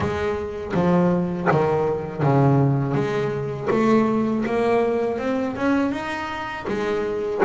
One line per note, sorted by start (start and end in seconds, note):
0.00 0.72 G#3
0.74 1.48 F3
1.51 2.22 D#3
2.22 2.94 C#3
2.94 3.68 G#3
3.70 4.44 A3
4.45 5.18 A#3
5.18 5.55 C4
5.56 5.91 C#4
5.91 6.65 D#4
6.67 7.41 G#3